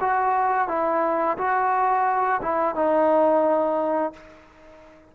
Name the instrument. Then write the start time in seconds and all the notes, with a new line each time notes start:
trombone
0.00 F#4
0.68 E4
1.37 F#4
2.42 E4
2.75 D#4